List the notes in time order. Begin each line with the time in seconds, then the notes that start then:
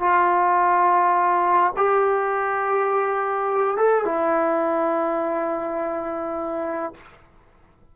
0.00 F4
1.77 G4
3.77 A4
4.05 E4